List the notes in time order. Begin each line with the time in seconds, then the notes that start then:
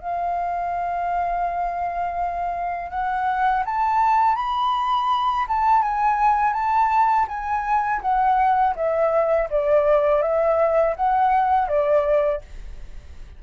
0.00 F5
2.91 F#5
3.65 A5
4.36 B5
5.48 A5
5.82 G#5
6.53 A5
7.28 G#5
8.02 F#5
8.76 E5
9.50 D5
10.22 E5
10.96 F#5
11.68 D5